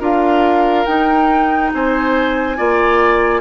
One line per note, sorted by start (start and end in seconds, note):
0.00 0.86 D4
0.00 0.86 F4
0.00 1.72 A#4
0.00 0.86 F5
0.86 1.73 D#4
0.86 2.57 D#4
0.86 1.71 G5
1.73 2.59 C4
1.73 2.57 C5
1.73 3.41 G#5
2.57 3.41 A#3
2.57 3.41 F4
2.57 3.41 D5